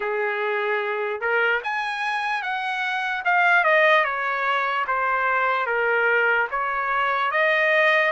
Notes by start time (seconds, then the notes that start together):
0.00 G#4
1.21 A#4
1.63 G#5
2.42 F#5
3.24 F5
3.63 D#5
4.04 C#5
4.86 C5
5.66 A#4
6.50 C#5
7.31 D#5